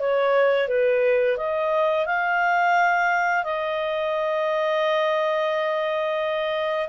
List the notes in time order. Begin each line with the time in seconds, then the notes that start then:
0.00 C#5
0.69 B4
1.38 D#5
2.07 F5
3.45 D#5